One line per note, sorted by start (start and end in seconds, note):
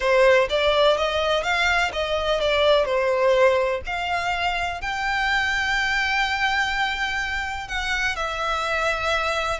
0.00 0.47 C5
0.49 0.97 D5
0.97 1.43 D#5
1.43 1.91 F5
1.92 2.40 D#5
2.40 2.85 D5
2.85 3.81 C5
3.86 4.81 F5
4.81 7.68 G5
7.68 8.16 F#5
8.16 9.59 E5